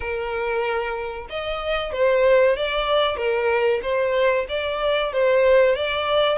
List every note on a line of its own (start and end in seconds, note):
0.00 1.27 A#4
1.29 1.92 D#5
1.92 2.56 C5
2.56 3.16 D5
3.16 3.80 A#4
3.82 4.46 C5
4.49 5.12 D5
5.12 5.75 C5
5.75 6.38 D5